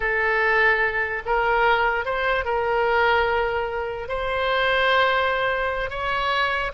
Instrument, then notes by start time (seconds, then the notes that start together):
oboe
0.00 A4
1.25 A#4
2.05 C5
2.45 A#4
4.08 C5
5.90 C#5